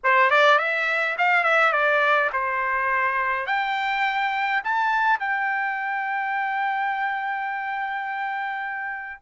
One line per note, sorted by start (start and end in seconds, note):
0.03 0.30 C5
0.30 0.58 D5
0.58 1.16 E5
1.17 1.43 F5
1.43 1.72 E5
1.72 2.30 D5
2.32 3.46 C5
3.46 4.62 G5
4.63 5.19 A5
5.19 9.22 G5